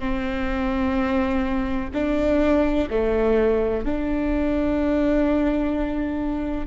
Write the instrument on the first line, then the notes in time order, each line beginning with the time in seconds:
viola
0.00 C4
1.94 D4
2.90 A3
3.85 D4